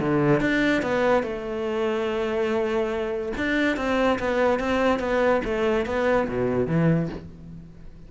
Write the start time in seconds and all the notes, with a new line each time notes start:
0.00 D3
0.41 D4
0.82 B3
1.23 A3
3.37 D4
3.77 C4
4.19 B3
4.59 C4
5.00 B3
5.45 A3
5.86 B3
6.28 B2
6.67 E3